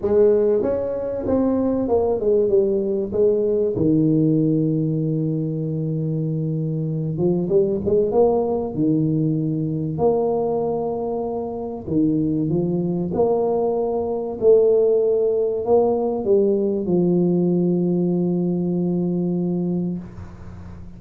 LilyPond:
\new Staff \with { instrumentName = "tuba" } { \time 4/4 \tempo 4 = 96 gis4 cis'4 c'4 ais8 gis8 | g4 gis4 dis2~ | dis2.~ dis8 f8 | g8 gis8 ais4 dis2 |
ais2. dis4 | f4 ais2 a4~ | a4 ais4 g4 f4~ | f1 | }